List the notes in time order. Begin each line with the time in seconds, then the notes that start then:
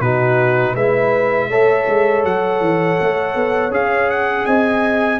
0.00 B2 D#4 F#4 B4
0.74 G#3 E4 B4 E5
1.49 A3 A4 C#5
1.87 G#3
2.24 F#3 F#5
2.60 E3
3.00 A3
3.35 B3
3.71 C#4 G#4 F5
4.10 F#5
4.45 C4 D#5 G#5